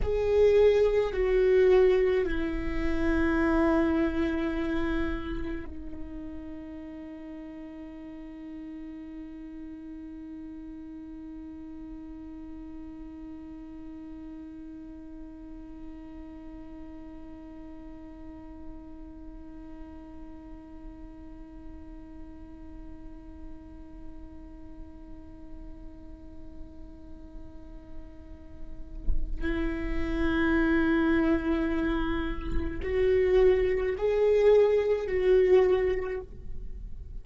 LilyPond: \new Staff \with { instrumentName = "viola" } { \time 4/4 \tempo 4 = 53 gis'4 fis'4 e'2~ | e'4 dis'2.~ | dis'1~ | dis'1~ |
dis'1~ | dis'1~ | dis'2 e'2~ | e'4 fis'4 gis'4 fis'4 | }